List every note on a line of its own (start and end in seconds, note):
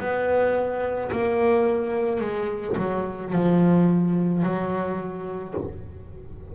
0.00 1.11 B3
1.12 2.21 A#3
2.21 2.76 G#3
2.77 3.33 F#3
3.33 4.43 F3
4.43 5.54 F#3